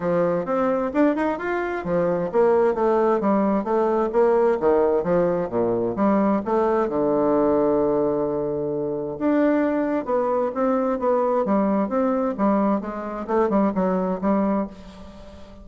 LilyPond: \new Staff \with { instrumentName = "bassoon" } { \time 4/4 \tempo 4 = 131 f4 c'4 d'8 dis'8 f'4 | f4 ais4 a4 g4 | a4 ais4 dis4 f4 | ais,4 g4 a4 d4~ |
d1 | d'2 b4 c'4 | b4 g4 c'4 g4 | gis4 a8 g8 fis4 g4 | }